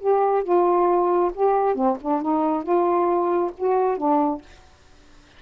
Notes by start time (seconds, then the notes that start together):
0.00 G4
0.44 F4
1.35 G4
1.75 C4
2.02 D4
2.22 D#4
2.63 F4
3.58 F#4
3.98 D4